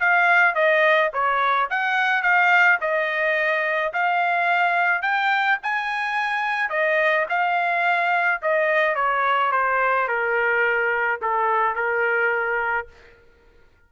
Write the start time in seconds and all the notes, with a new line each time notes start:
0.00 F5
0.55 D#5
1.13 C#5
1.70 F#5
2.23 F5
2.81 D#5
3.94 F5
5.02 G5
5.63 G#5
6.70 D#5
7.29 F5
8.42 D#5
8.95 C#5
9.52 C5
10.08 A#4
11.22 A4
11.75 A#4